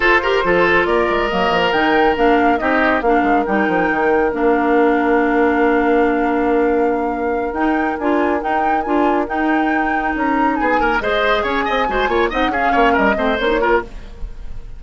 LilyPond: <<
  \new Staff \with { instrumentName = "flute" } { \time 4/4 \tempo 4 = 139 c''2 d''4 dis''8. f''16 | g''4 f''4 dis''4 f''4 | g''2 f''2~ | f''1~ |
f''4. g''4 gis''4 g''8~ | g''8 gis''4 g''2 ais''8~ | ais''8 gis''4 dis''4 gis''4.~ | gis''8 fis''8 f''4 dis''4 cis''4 | }
  \new Staff \with { instrumentName = "oboe" } { \time 4/4 a'8 ais'8 a'4 ais'2~ | ais'2 g'4 ais'4~ | ais'1~ | ais'1~ |
ais'1~ | ais'1~ | ais'8 gis'8 ais'8 c''4 cis''8 dis''8 c''8 | cis''8 dis''8 gis'8 cis''8 ais'8 c''4 ais'8 | }
  \new Staff \with { instrumentName = "clarinet" } { \time 4/4 f'8 g'8 f'2 ais4 | dis'4 d'4 dis'4 d'4 | dis'2 d'2~ | d'1~ |
d'4. dis'4 f'4 dis'8~ | dis'8 f'4 dis'2~ dis'8~ | dis'4. gis'2 fis'8 | f'8 dis'8 cis'4. c'8 cis'16 dis'16 f'8 | }
  \new Staff \with { instrumentName = "bassoon" } { \time 4/4 f'4 f4 ais8 gis8 fis8 f8 | dis4 ais4 c'4 ais8 gis8 | g8 f8 dis4 ais2~ | ais1~ |
ais4. dis'4 d'4 dis'8~ | dis'8 d'4 dis'2 cis'8~ | cis'8 b8 ais8 gis4 cis'8 c'8 gis8 | ais8 c'8 cis'8 ais8 g8 a8 ais4 | }
>>